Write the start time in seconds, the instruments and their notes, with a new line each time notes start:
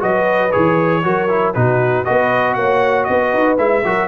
0.00 tuba F#3, trombone F#4, horn B4, trumpet D#5
0.52 tuba E3, trombone G#4, trumpet C#5
1.03 tuba F#3, trombone F#4, horn A#4
1.29 trombone E4
1.54 tuba B2, trombone D#4, horn F#4, trumpet B4
2.05 tuba B3, trombone F#4, horn B4, trumpet D#5
2.54 tuba A#3, horn C#5, trumpet F#5
3.04 tuba B3, horn B4, trumpet D#5
3.34 tuba D#4
3.58 tuba G#3, trombone E4, trumpet E5
3.85 tuba F#3, trombone F#4, horn A#4